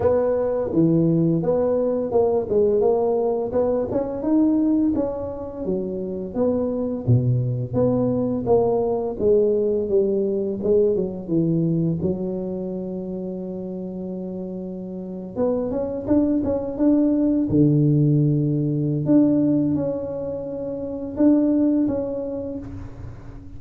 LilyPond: \new Staff \with { instrumentName = "tuba" } { \time 4/4 \tempo 4 = 85 b4 e4 b4 ais8 gis8 | ais4 b8 cis'8 dis'4 cis'4 | fis4 b4 b,4 b4 | ais4 gis4 g4 gis8 fis8 |
e4 fis2.~ | fis4.~ fis16 b8 cis'8 d'8 cis'8 d'16~ | d'8. d2~ d16 d'4 | cis'2 d'4 cis'4 | }